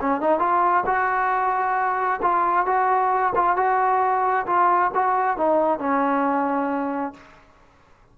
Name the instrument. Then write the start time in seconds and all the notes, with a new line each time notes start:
trombone
0.00 C#4
0.20 D#4
0.39 F4
0.86 F#4
2.22 F4
2.66 F#4
3.35 F4
3.56 F#4
4.46 F4
4.94 F#4
5.37 D#4
5.79 C#4